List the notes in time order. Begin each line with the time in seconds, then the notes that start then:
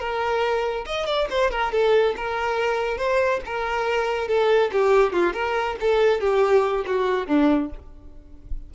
0.00 A#4
0.86 D#5
1.07 D5
1.30 C5
1.51 A#4
1.72 A4
2.17 A#4
2.98 C5
3.46 A#4
4.28 A4
4.72 G4
5.13 F4
5.34 A#4
5.81 A4
6.21 G4
6.87 F#4
7.27 D4